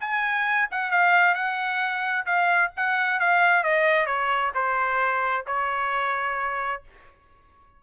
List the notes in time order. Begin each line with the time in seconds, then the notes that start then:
0.00 G#5
0.71 F#5
0.91 F5
1.34 F#5
2.25 F5
2.76 F#5
3.20 F5
3.63 D#5
4.06 C#5
4.54 C5
5.46 C#5